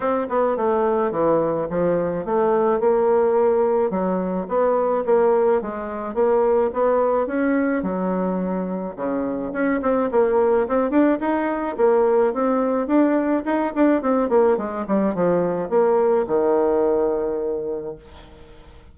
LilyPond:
\new Staff \with { instrumentName = "bassoon" } { \time 4/4 \tempo 4 = 107 c'8 b8 a4 e4 f4 | a4 ais2 fis4 | b4 ais4 gis4 ais4 | b4 cis'4 fis2 |
cis4 cis'8 c'8 ais4 c'8 d'8 | dis'4 ais4 c'4 d'4 | dis'8 d'8 c'8 ais8 gis8 g8 f4 | ais4 dis2. | }